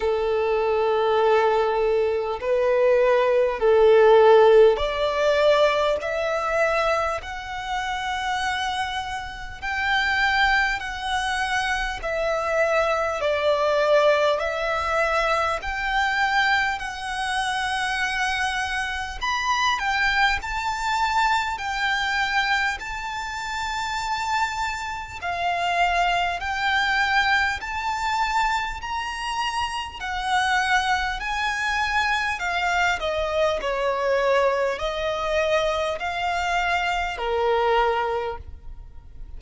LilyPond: \new Staff \with { instrumentName = "violin" } { \time 4/4 \tempo 4 = 50 a'2 b'4 a'4 | d''4 e''4 fis''2 | g''4 fis''4 e''4 d''4 | e''4 g''4 fis''2 |
b''8 g''8 a''4 g''4 a''4~ | a''4 f''4 g''4 a''4 | ais''4 fis''4 gis''4 f''8 dis''8 | cis''4 dis''4 f''4 ais'4 | }